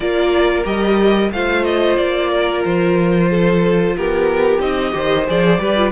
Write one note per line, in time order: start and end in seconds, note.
0.00 0.63 A#3
0.00 0.64 F4
0.00 1.32 A#4
0.00 0.64 D5
0.64 1.31 G3
0.64 1.30 G4
0.64 1.31 D#5
1.31 1.97 A3
1.31 4.60 F4
1.31 2.30 C5
1.31 1.64 F5
1.64 1.96 D#5
1.96 2.64 A#3
1.96 2.62 D5
2.30 3.29 A#4
2.64 3.97 F3
2.64 3.96 C5
3.30 3.95 A4
3.96 4.59 B3
3.96 4.94 G4
3.96 4.60 A#4
4.59 4.92 C4
4.59 4.91 D#4
4.59 5.26 D#5
4.91 5.27 D#3
4.91 5.24 G4
4.91 5.60 C5
5.27 5.59 F3
5.27 5.60 G#4
5.27 5.91 D5
5.59 5.91 G3
5.59 5.76 G4
5.59 5.91 B4
5.76 5.91 F4